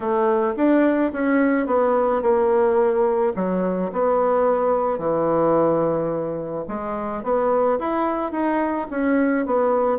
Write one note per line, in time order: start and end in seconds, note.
0.00 0.54 A3
0.56 1.12 D4
1.12 1.66 C#4
1.66 2.21 B3
2.21 3.33 A#3
3.35 3.91 F#3
3.92 4.98 B3
4.98 6.65 E3
6.68 7.23 G#3
7.23 7.78 B3
7.79 8.31 E4
8.31 8.87 D#4
8.90 9.46 C#4
9.46 9.98 B3